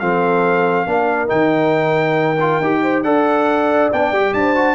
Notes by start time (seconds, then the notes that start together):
0.00 F3 C4 A4 F5
0.86 A#3 D4 A#4
1.28 D#3 D#4 G5
2.41 F4
2.61 D#4 G4
2.82 C5
3.04 D4 A4 D5 F#5
3.93 B3 D4 G5
4.12 G3 G4
4.34 D4 C5 A5
4.55 F#4